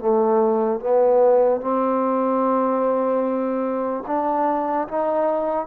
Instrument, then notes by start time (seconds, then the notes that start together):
trombone
0.00 A3
0.80 B3
1.61 C4
4.07 D4
4.88 D#4